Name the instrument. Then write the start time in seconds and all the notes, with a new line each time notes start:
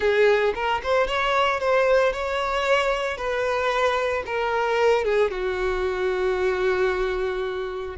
violin
0.00 G#4
0.54 A#4
0.83 C5
1.07 C#5
1.60 C5
2.12 C#5
3.17 B4
4.26 A#4
5.04 G#4
5.30 F#4